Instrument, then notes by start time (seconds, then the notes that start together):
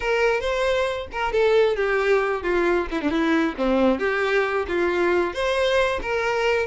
violin
0.00 A#4
0.40 C5
1.12 A#4
1.32 A4
1.76 G4
2.42 F4
2.90 E4
3.01 D4
3.10 E4
3.57 C4
3.99 G4
4.68 F4
5.33 C5
6.01 A#4